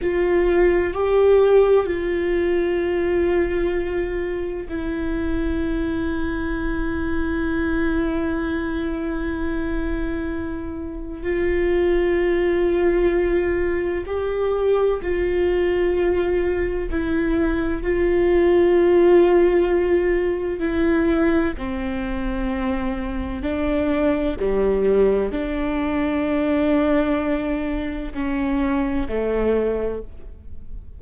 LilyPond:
\new Staff \with { instrumentName = "viola" } { \time 4/4 \tempo 4 = 64 f'4 g'4 f'2~ | f'4 e'2.~ | e'1 | f'2. g'4 |
f'2 e'4 f'4~ | f'2 e'4 c'4~ | c'4 d'4 g4 d'4~ | d'2 cis'4 a4 | }